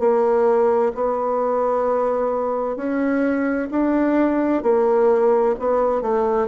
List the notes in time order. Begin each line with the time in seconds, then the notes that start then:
0.00 A#3
0.95 B3
2.77 C#4
3.71 D4
4.63 A#3
5.60 B3
6.02 A3